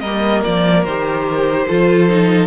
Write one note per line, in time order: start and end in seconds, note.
0.00 0.43 G3
0.00 0.87 A#3
0.00 1.66 A#4
0.00 0.41 D#5
0.44 0.85 F3
0.44 0.84 D5
0.84 1.68 D#3
0.84 1.68 G4
0.84 2.47 C5
1.67 2.47 F3
1.67 2.08 F4
1.67 2.47 A4
2.08 2.47 D#4